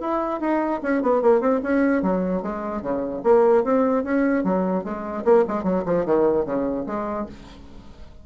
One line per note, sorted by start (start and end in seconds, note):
0.00 0.40 E4
0.40 0.80 D#4
0.82 1.02 C#4
1.02 1.22 B3
1.22 1.40 A#3
1.40 1.60 C4
1.63 2.02 C#4
2.02 2.42 F#3
2.42 2.82 G#3
2.82 3.22 C#3
3.23 3.64 A#3
3.64 4.04 C4
4.04 4.44 C#4
4.44 4.84 F#3
4.84 5.24 G#3
5.24 5.44 A#3
5.48 5.63 G#3
5.63 5.84 F#3
5.85 6.05 F3
6.05 6.45 D#3
6.45 6.85 C#3
6.86 7.26 G#3